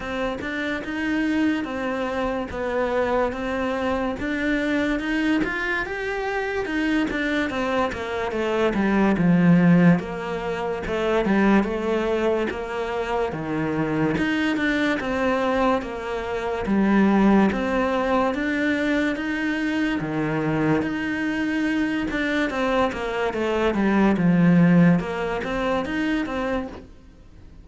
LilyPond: \new Staff \with { instrumentName = "cello" } { \time 4/4 \tempo 4 = 72 c'8 d'8 dis'4 c'4 b4 | c'4 d'4 dis'8 f'8 g'4 | dis'8 d'8 c'8 ais8 a8 g8 f4 | ais4 a8 g8 a4 ais4 |
dis4 dis'8 d'8 c'4 ais4 | g4 c'4 d'4 dis'4 | dis4 dis'4. d'8 c'8 ais8 | a8 g8 f4 ais8 c'8 dis'8 c'8 | }